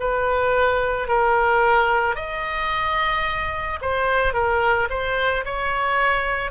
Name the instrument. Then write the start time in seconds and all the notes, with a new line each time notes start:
oboe
0.00 B4
1.08 A#4
2.16 D#5
3.81 C5
4.34 A#4
4.90 C5
5.45 C#5